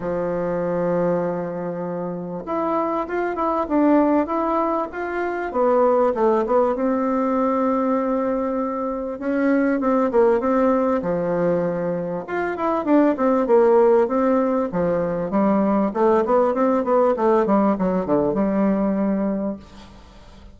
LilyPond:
\new Staff \with { instrumentName = "bassoon" } { \time 4/4 \tempo 4 = 98 f1 | e'4 f'8 e'8 d'4 e'4 | f'4 b4 a8 b8 c'4~ | c'2. cis'4 |
c'8 ais8 c'4 f2 | f'8 e'8 d'8 c'8 ais4 c'4 | f4 g4 a8 b8 c'8 b8 | a8 g8 fis8 d8 g2 | }